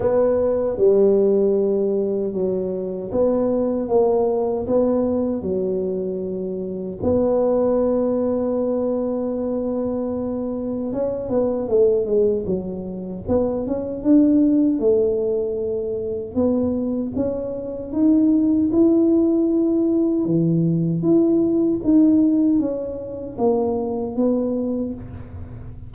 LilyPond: \new Staff \with { instrumentName = "tuba" } { \time 4/4 \tempo 4 = 77 b4 g2 fis4 | b4 ais4 b4 fis4~ | fis4 b2.~ | b2 cis'8 b8 a8 gis8 |
fis4 b8 cis'8 d'4 a4~ | a4 b4 cis'4 dis'4 | e'2 e4 e'4 | dis'4 cis'4 ais4 b4 | }